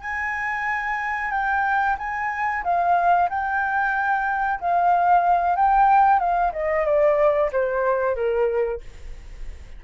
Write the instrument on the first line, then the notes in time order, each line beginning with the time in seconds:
flute
0.00 G#5
1.31 G5
1.98 G#5
2.63 F5
3.29 G5
4.60 F5
5.56 G5
6.19 F5
6.52 D#5
6.85 D5
7.51 C5
8.15 A#4